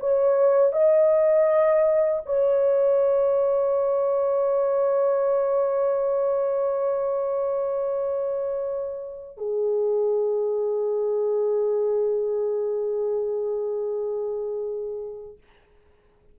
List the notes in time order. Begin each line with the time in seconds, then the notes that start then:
0.00 C#5
0.73 D#5
2.26 C#5
9.38 G#4